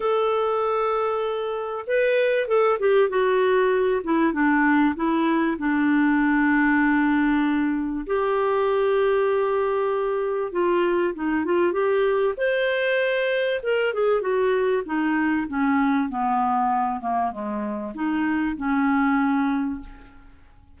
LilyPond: \new Staff \with { instrumentName = "clarinet" } { \time 4/4 \tempo 4 = 97 a'2. b'4 | a'8 g'8 fis'4. e'8 d'4 | e'4 d'2.~ | d'4 g'2.~ |
g'4 f'4 dis'8 f'8 g'4 | c''2 ais'8 gis'8 fis'4 | dis'4 cis'4 b4. ais8 | gis4 dis'4 cis'2 | }